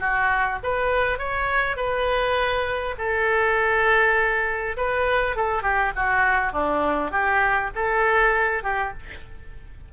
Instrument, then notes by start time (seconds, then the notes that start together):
oboe
0.00 F#4
0.64 B4
1.19 C#5
1.77 B4
2.99 A4
4.77 B4
5.37 A4
5.63 G4
5.96 F#4
6.53 D4
7.12 G4
7.76 A4
8.64 G4